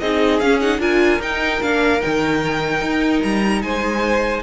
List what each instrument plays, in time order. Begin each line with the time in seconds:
0.00 cello C4, viola D#4, violin G#4 D#5
0.40 cello C#4, viola C#4, violin F5
0.60 viola D#4, violin F#5
0.79 cello D4, viola F4, violin A#4 G#5
1.20 cello D#4, viola D#4, violin G5
1.62 cello A#3, viola D4, violin F5
2.01 cello D#3, viola D#4, violin G5
2.82 cello D#4
3.23 cello G3, violin A#5
3.62 cello G#3, violin C5 G#5